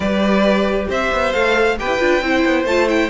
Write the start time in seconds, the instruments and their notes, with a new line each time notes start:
0.00 cello G3, viola G4, violin B4 D5
0.88 cello C4, violin C5 E5
1.12 cello B3
1.33 cello A3, viola A4, violin F5
1.78 cello B3, viola G4, violin B4 G5
1.86 cello E4
1.99 cello D4, viola F4
2.21 cello C4, viola E4, violin C5
2.45 cello B3
2.64 cello A3, viola F4, violin A5
2.88 viola E4, violin G5